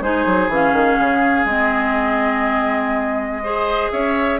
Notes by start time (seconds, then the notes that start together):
0.00 G#3 D#4 G#4 C5
0.26 F#3
0.48 E3 C#4 F5
0.72 D#3
0.99 C#3
1.44 G#3 C4 D#5
3.43 G#4 C5
3.91 C#4 C#5 E5